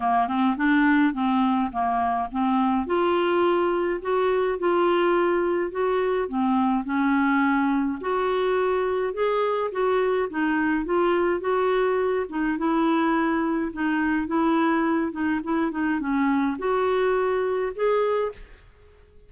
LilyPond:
\new Staff \with { instrumentName = "clarinet" } { \time 4/4 \tempo 4 = 105 ais8 c'8 d'4 c'4 ais4 | c'4 f'2 fis'4 | f'2 fis'4 c'4 | cis'2 fis'2 |
gis'4 fis'4 dis'4 f'4 | fis'4. dis'8 e'2 | dis'4 e'4. dis'8 e'8 dis'8 | cis'4 fis'2 gis'4 | }